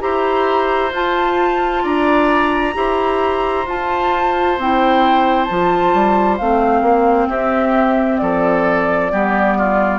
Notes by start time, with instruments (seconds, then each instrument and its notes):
0.00 bassoon E4, clarinet G4, oboe C5, flute A#5
0.92 bassoon F4, clarinet F4, flute A5
1.83 bassoon D4, oboe D5, flute A#5
2.74 bassoon E4, clarinet G4, oboe C5
3.66 bassoon F4, clarinet F4, flute A5
4.57 bassoon C4, clarinet E4, flute G5
5.45 bassoon F3, clarinet F4, flute A5
5.94 bassoon G3
6.37 bassoon A3, clarinet C4, flute F5
6.82 bassoon A#3
7.29 bassoon C4, oboe G4, flute E5
8.18 bassoon F3, oboe A4, flute D5
9.11 bassoon G3, clarinet B3, oboe G4
9.58 oboe F4